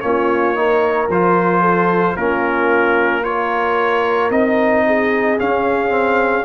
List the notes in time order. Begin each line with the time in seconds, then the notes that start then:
0.00 A#3 C#4 F4 C#5
0.55 D#4 A#4
1.08 F3 F4 C5
1.61 A4
2.16 A#3 C#4 F4 A#4
3.23 F4 A#4 C#5
4.30 C4 D#4 D#5
4.86 G#4
5.38 C#4 F5
5.89 C4